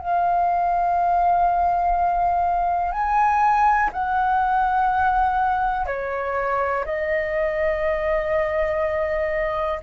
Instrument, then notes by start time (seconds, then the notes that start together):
flute
0.00 F5
2.92 G#5
3.93 F#5
5.86 C#5
6.85 D#5